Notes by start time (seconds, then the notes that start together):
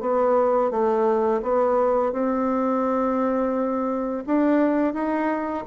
0.00 B3
0.70 A3
1.42 B3
2.12 C4
4.26 D4
4.93 D#4